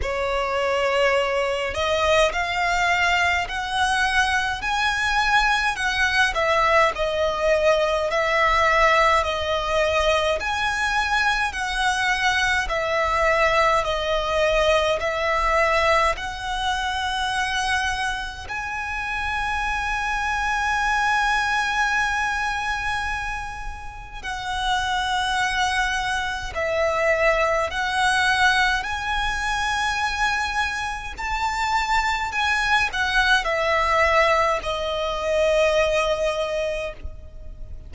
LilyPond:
\new Staff \with { instrumentName = "violin" } { \time 4/4 \tempo 4 = 52 cis''4. dis''8 f''4 fis''4 | gis''4 fis''8 e''8 dis''4 e''4 | dis''4 gis''4 fis''4 e''4 | dis''4 e''4 fis''2 |
gis''1~ | gis''4 fis''2 e''4 | fis''4 gis''2 a''4 | gis''8 fis''8 e''4 dis''2 | }